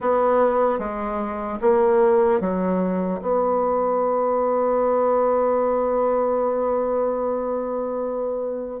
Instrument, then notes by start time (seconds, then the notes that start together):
bassoon
0.00 B3
0.79 G#3
1.61 A#3
2.40 F#3
3.21 B3